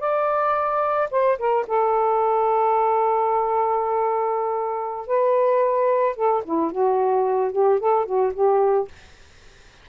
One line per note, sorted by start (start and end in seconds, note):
0.00 1.09 D5
1.11 1.38 C5
1.39 1.66 A#4
1.68 5.07 A4
5.07 6.16 B4
6.16 6.43 A4
6.45 6.72 E4
6.72 7.52 F#4
7.52 7.80 G4
7.80 8.06 A4
8.06 8.33 F#4
8.34 8.88 G4